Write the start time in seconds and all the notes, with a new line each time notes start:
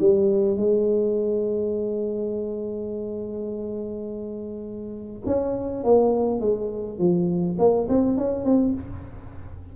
0.00 G3
0.57 G#3
5.26 C#4
5.84 A#3
6.41 G#3
6.99 F3
7.59 A#3
7.89 C4
8.18 C#4
8.45 C4